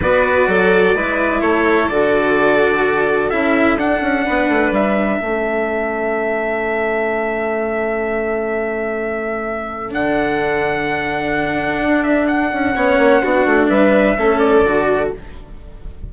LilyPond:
<<
  \new Staff \with { instrumentName = "trumpet" } { \time 4/4 \tempo 4 = 127 d''2. cis''4 | d''2. e''4 | fis''2 e''2~ | e''1~ |
e''1~ | e''4 fis''2.~ | fis''4. e''8 fis''2~ | fis''4 e''4. d''4. | }
  \new Staff \with { instrumentName = "violin" } { \time 4/4 b'4 a'4 b'4 a'4~ | a'1~ | a'4 b'2 a'4~ | a'1~ |
a'1~ | a'1~ | a'2. cis''4 | fis'4 b'4 a'2 | }
  \new Staff \with { instrumentName = "cello" } { \time 4/4 fis'2 e'2 | fis'2. e'4 | d'2. cis'4~ | cis'1~ |
cis'1~ | cis'4 d'2.~ | d'2. cis'4 | d'2 cis'4 fis'4 | }
  \new Staff \with { instrumentName = "bassoon" } { \time 4/4 b4 fis4 gis4 a4 | d2. cis'4 | d'8 cis'8 b8 a8 g4 a4~ | a1~ |
a1~ | a4 d2.~ | d4 d'4. cis'8 b8 ais8 | b8 a8 g4 a4 d4 | }
>>